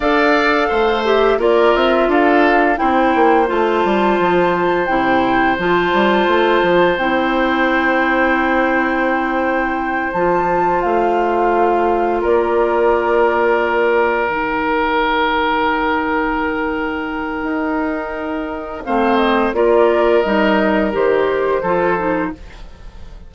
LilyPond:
<<
  \new Staff \with { instrumentName = "flute" } { \time 4/4 \tempo 4 = 86 f''4. e''8 d''8 e''8 f''4 | g''4 a''2 g''4 | a''2 g''2~ | g''2~ g''8 a''4 f''8~ |
f''4. d''2~ d''8~ | d''8 g''2.~ g''8~ | g''2. f''8 dis''8 | d''4 dis''4 c''2 | }
  \new Staff \with { instrumentName = "oboe" } { \time 4/4 d''4 c''4 ais'4 a'4 | c''1~ | c''1~ | c''1~ |
c''4. ais'2~ ais'8~ | ais'1~ | ais'2. c''4 | ais'2. a'4 | }
  \new Staff \with { instrumentName = "clarinet" } { \time 4/4 a'4. g'8 f'2 | e'4 f'2 e'4 | f'2 e'2~ | e'2~ e'8 f'4.~ |
f'1~ | f'8 dis'2.~ dis'8~ | dis'2. c'4 | f'4 dis'4 g'4 f'8 dis'8 | }
  \new Staff \with { instrumentName = "bassoon" } { \time 4/4 d'4 a4 ais8 c'8 d'4 | c'8 ais8 a8 g8 f4 c4 | f8 g8 a8 f8 c'2~ | c'2~ c'8 f4 a8~ |
a4. ais2~ ais8~ | ais8 dis2.~ dis8~ | dis4 dis'2 a4 | ais4 g4 dis4 f4 | }
>>